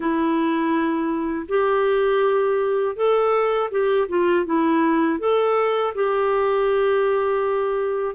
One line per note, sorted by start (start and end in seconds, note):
0.00 1.46 E4
1.48 2.96 G4
2.96 3.70 A4
3.70 4.07 G4
4.08 4.45 F4
4.45 5.19 E4
5.19 5.93 A4
5.95 8.15 G4